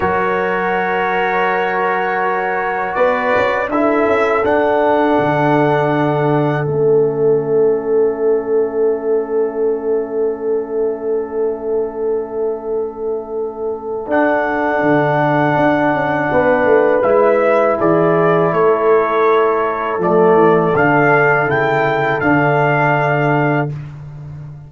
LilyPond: <<
  \new Staff \with { instrumentName = "trumpet" } { \time 4/4 \tempo 4 = 81 cis''1 | d''4 e''4 fis''2~ | fis''4 e''2.~ | e''1~ |
e''2. fis''4~ | fis''2. e''4 | d''4 cis''2 d''4 | f''4 g''4 f''2 | }
  \new Staff \with { instrumentName = "horn" } { \time 4/4 ais'1 | b'4 a'2.~ | a'1~ | a'1~ |
a'1~ | a'2 b'2 | gis'4 a'2.~ | a'1 | }
  \new Staff \with { instrumentName = "trombone" } { \time 4/4 fis'1~ | fis'4 e'4 d'2~ | d'4 cis'2.~ | cis'1~ |
cis'2. d'4~ | d'2. e'4~ | e'2. a4 | d'4 e'4 d'2 | }
  \new Staff \with { instrumentName = "tuba" } { \time 4/4 fis1 | b8 cis'8 d'8 cis'8 d'4 d4~ | d4 a2.~ | a1~ |
a2. d'4 | d4 d'8 cis'8 b8 a8 gis4 | e4 a2 f8 e8 | d4 cis4 d2 | }
>>